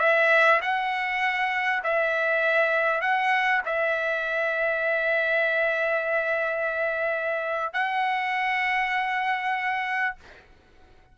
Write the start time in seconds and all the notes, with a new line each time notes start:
0.00 E5
0.62 F#5
1.84 E5
3.01 F#5
3.66 E5
7.74 F#5